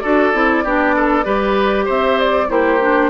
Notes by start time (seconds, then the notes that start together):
0.00 D4 F#4 A4 D5
0.34 C4 E4
0.64 B3 D4 G4
0.96 A4
1.24 G3 G4 B4
1.85 C4 C5 E5
2.20 D5
2.48 A#3 E4 G4 C5
2.81 D4